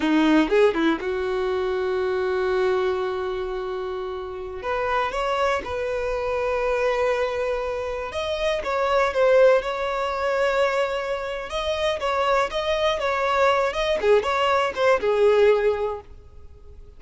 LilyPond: \new Staff \with { instrumentName = "violin" } { \time 4/4 \tempo 4 = 120 dis'4 gis'8 e'8 fis'2~ | fis'1~ | fis'4~ fis'16 b'4 cis''4 b'8.~ | b'1~ |
b'16 dis''4 cis''4 c''4 cis''8.~ | cis''2. dis''4 | cis''4 dis''4 cis''4. dis''8 | gis'8 cis''4 c''8 gis'2 | }